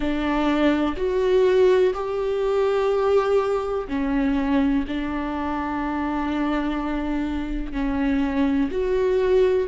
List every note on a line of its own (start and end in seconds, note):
0.00 0.95 D4
0.97 1.94 F#4
1.94 3.87 G4
3.88 4.84 C#4
4.87 7.72 D4
7.72 8.69 C#4
8.71 9.68 F#4